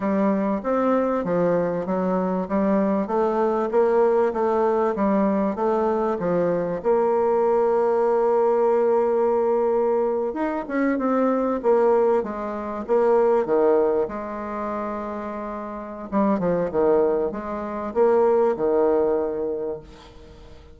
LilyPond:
\new Staff \with { instrumentName = "bassoon" } { \time 4/4 \tempo 4 = 97 g4 c'4 f4 fis4 | g4 a4 ais4 a4 | g4 a4 f4 ais4~ | ais1~ |
ais8. dis'8 cis'8 c'4 ais4 gis16~ | gis8. ais4 dis4 gis4~ gis16~ | gis2 g8 f8 dis4 | gis4 ais4 dis2 | }